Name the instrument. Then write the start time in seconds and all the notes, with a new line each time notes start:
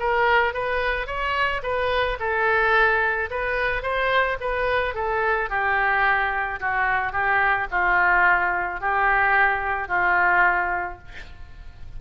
oboe
0.00 A#4
0.54 B4
1.07 C#5
1.63 B4
2.20 A4
3.31 B4
3.83 C5
4.41 B4
4.95 A4
5.50 G4
6.60 F#4
7.13 G4
7.71 F4
8.81 G4
9.89 F4